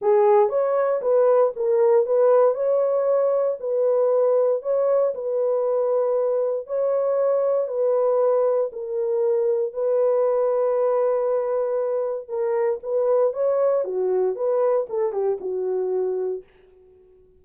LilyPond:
\new Staff \with { instrumentName = "horn" } { \time 4/4 \tempo 4 = 117 gis'4 cis''4 b'4 ais'4 | b'4 cis''2 b'4~ | b'4 cis''4 b'2~ | b'4 cis''2 b'4~ |
b'4 ais'2 b'4~ | b'1 | ais'4 b'4 cis''4 fis'4 | b'4 a'8 g'8 fis'2 | }